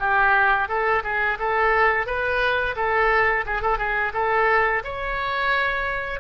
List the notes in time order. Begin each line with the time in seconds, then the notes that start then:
0.00 G4
0.69 A4
1.04 G#4
1.40 A4
2.07 B4
2.76 A4
3.46 G#4
3.62 A4
3.78 G#4
4.14 A4
4.85 C#5